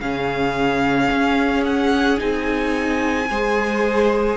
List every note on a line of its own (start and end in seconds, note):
0.00 1.10 C#3
0.00 2.17 C#4
0.00 3.29 G#4
0.00 1.64 F5
1.11 2.20 C#4
1.64 2.19 F#5
2.17 3.30 C4
2.17 3.27 D#4
2.17 4.36 G#5
3.29 4.36 G#3
3.29 4.36 G#4
3.29 4.36 C5